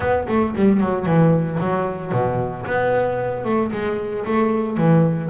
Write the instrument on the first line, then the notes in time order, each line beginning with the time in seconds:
double bass
0.00 B3
0.28 A3
0.55 G3
0.80 F#3
1.05 E3
1.59 F#3
2.11 B2
2.66 B3
3.44 A3
3.72 G#3
4.25 A3
4.77 E3